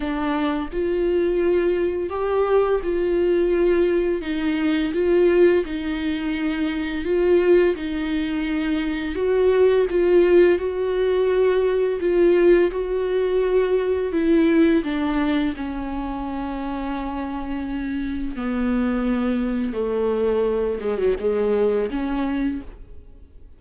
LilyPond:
\new Staff \with { instrumentName = "viola" } { \time 4/4 \tempo 4 = 85 d'4 f'2 g'4 | f'2 dis'4 f'4 | dis'2 f'4 dis'4~ | dis'4 fis'4 f'4 fis'4~ |
fis'4 f'4 fis'2 | e'4 d'4 cis'2~ | cis'2 b2 | a4. gis16 fis16 gis4 cis'4 | }